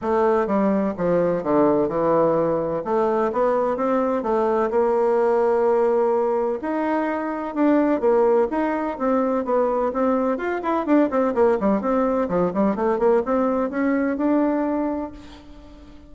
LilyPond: \new Staff \with { instrumentName = "bassoon" } { \time 4/4 \tempo 4 = 127 a4 g4 f4 d4 | e2 a4 b4 | c'4 a4 ais2~ | ais2 dis'2 |
d'4 ais4 dis'4 c'4 | b4 c'4 f'8 e'8 d'8 c'8 | ais8 g8 c'4 f8 g8 a8 ais8 | c'4 cis'4 d'2 | }